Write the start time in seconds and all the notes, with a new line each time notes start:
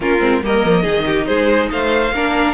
0.00 A#3 C#4 F4 A#4
0.20 G#3 C4
0.42 G3 A#3 A#4 D#5
0.64 F3
0.82 D#3 D#4 G#4
1.05 G4
1.26 G#3 G#4 C5
1.71 A3 C5 F5
2.12 A#3 D4 A#4